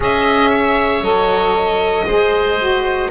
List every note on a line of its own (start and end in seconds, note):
0.00 1.00 C#4
0.00 1.02 G#4
0.00 0.50 D#5
0.00 1.03 E5
0.50 2.05 C#5
1.00 2.03 F#3
1.00 2.06 A4
1.00 3.10 D#5
2.05 3.09 G#3
2.05 2.59 G#4
2.05 3.10 C5
2.59 3.11 F#4